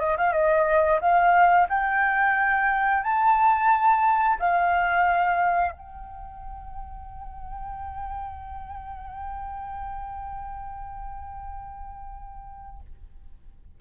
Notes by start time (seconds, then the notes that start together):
0.00 D#5
0.17 F5
0.32 D#5
1.01 F5
1.69 G5
3.03 A5
4.39 F5
5.72 G5